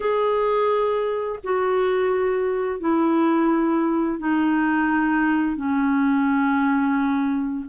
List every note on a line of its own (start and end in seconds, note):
0.00 1.39 G#4
1.43 2.79 F#4
2.79 4.18 E4
4.18 5.56 D#4
5.56 7.65 C#4